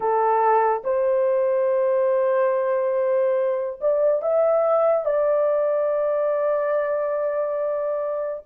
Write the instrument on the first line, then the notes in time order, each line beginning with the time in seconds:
horn
0.00 A4
0.84 C5
3.80 D5
4.21 E5
5.05 D5